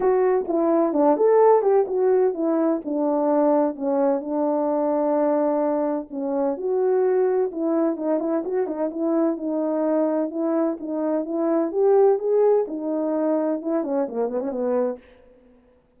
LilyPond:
\new Staff \with { instrumentName = "horn" } { \time 4/4 \tempo 4 = 128 fis'4 e'4 d'8 a'4 g'8 | fis'4 e'4 d'2 | cis'4 d'2.~ | d'4 cis'4 fis'2 |
e'4 dis'8 e'8 fis'8 dis'8 e'4 | dis'2 e'4 dis'4 | e'4 g'4 gis'4 dis'4~ | dis'4 e'8 cis'8 ais8 b16 cis'16 b4 | }